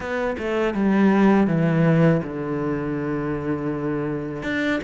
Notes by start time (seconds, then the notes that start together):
0.00 B3
0.38 A3
0.74 G3
1.47 E3
2.23 D3
4.42 D4